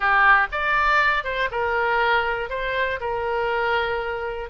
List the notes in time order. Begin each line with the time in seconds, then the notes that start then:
0.00 G4
0.51 D5
1.24 C5
1.51 A#4
2.49 C5
3.00 A#4